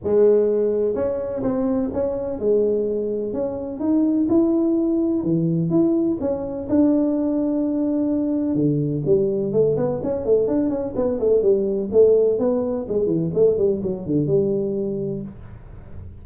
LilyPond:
\new Staff \with { instrumentName = "tuba" } { \time 4/4 \tempo 4 = 126 gis2 cis'4 c'4 | cis'4 gis2 cis'4 | dis'4 e'2 e4 | e'4 cis'4 d'2~ |
d'2 d4 g4 | a8 b8 cis'8 a8 d'8 cis'8 b8 a8 | g4 a4 b4 gis8 e8 | a8 g8 fis8 d8 g2 | }